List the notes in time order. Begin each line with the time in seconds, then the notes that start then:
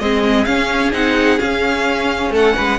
0.00 G#3 C4 G#4 D#5
0.45 C#4 F5
0.93 C4 D#4 F#5
1.39 C#4 F5
2.31 A3 A4 F#5
2.56 G#3 B4